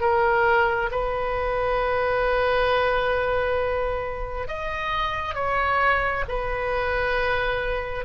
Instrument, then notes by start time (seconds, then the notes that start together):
oboe
0.00 A#4
0.91 B4
4.47 D#5
5.34 C#5
6.28 B4